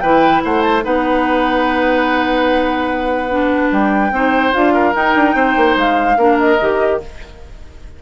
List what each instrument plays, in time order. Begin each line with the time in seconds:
0.00 bassoon E3, clarinet E4, oboe B4, flute G5
0.44 bassoon A3, oboe C5, flute F#5
0.61 flute A5
0.82 bassoon B3, clarinet D#4, oboe B4, flute F#5
3.30 clarinet D4
3.71 bassoon G3, flute G5
4.11 bassoon C4, clarinet D#4, oboe C5
4.53 bassoon D4, clarinet F4, flute F5
4.73 oboe A#4
4.93 clarinet D#4, bassoon D#4, flute G5
5.15 bassoon D4
5.35 bassoon C4, oboe C5
5.56 bassoon A#3
5.76 bassoon G#3, flute F5
6.16 bassoon A#3, clarinet D4, oboe A#4
6.38 flute D#5
6.60 bassoon D#3, clarinet G4